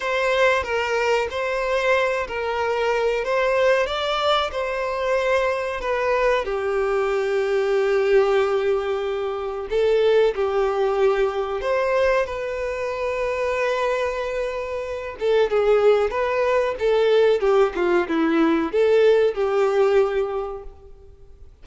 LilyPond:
\new Staff \with { instrumentName = "violin" } { \time 4/4 \tempo 4 = 93 c''4 ais'4 c''4. ais'8~ | ais'4 c''4 d''4 c''4~ | c''4 b'4 g'2~ | g'2. a'4 |
g'2 c''4 b'4~ | b'2.~ b'8 a'8 | gis'4 b'4 a'4 g'8 f'8 | e'4 a'4 g'2 | }